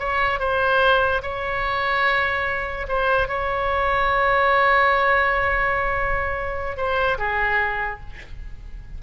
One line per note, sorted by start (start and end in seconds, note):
0.00 0.40 C#5
0.40 1.22 C5
1.23 2.87 C#5
2.89 3.29 C5
3.29 6.77 C#5
6.77 7.18 C5
7.19 8.01 G#4